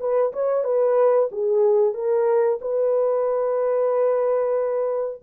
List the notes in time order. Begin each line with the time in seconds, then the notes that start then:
0.00 B4
0.33 C#5
0.64 B4
1.32 G#4
1.94 A#4
2.61 B4